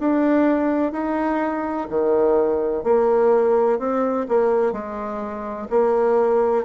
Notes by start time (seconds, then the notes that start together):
0.00 D4
0.93 D#4
1.90 D#3
2.84 A#3
3.79 C4
4.29 A#3
4.73 G#3
5.71 A#3